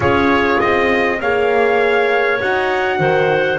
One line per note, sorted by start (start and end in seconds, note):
0.00 0.58 C#4
0.00 1.20 F4
0.00 1.19 G#4
0.00 0.60 C#5
0.60 1.20 C4
0.60 1.20 D#5
1.20 2.40 A#3
1.20 2.40 G#4
1.20 2.98 C#5
1.20 2.41 F5
2.40 2.99 D#4
2.40 3.58 F#4
2.40 3.58 F#5
2.98 3.58 D#3
2.98 3.58 C5